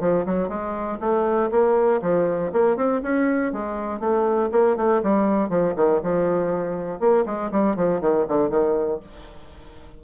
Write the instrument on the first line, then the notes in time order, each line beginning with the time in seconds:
bassoon
0.00 F3
0.26 F#3
0.49 G#3
1.00 A3
1.51 A#3
2.01 F3
2.52 A#3
2.76 C4
3.02 C#4
3.52 G#3
4.00 A3
4.52 A#3
4.76 A3
5.03 G3
5.49 F3
5.76 D#3
6.03 F3
6.99 A#3
7.26 G#3
7.51 G3
7.76 F3
8.01 D#3
8.28 D3
8.50 D#3